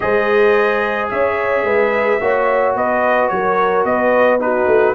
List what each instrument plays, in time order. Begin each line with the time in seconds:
0.00 tuba G#3, trombone G#4, horn C5, trumpet D#5
1.10 tuba C#4, horn C#5, trumpet E5
1.63 tuba G#3, horn B4
2.20 tuba A#3, trombone F#4, horn C#5
2.75 tuba B3, horn B4, trumpet D#5
3.29 tuba F#3, horn A#4, trumpet C#5
3.84 tuba B3, horn B4, trumpet D#5
4.39 trombone D#4, horn F#4, trumpet B4
4.66 tuba A3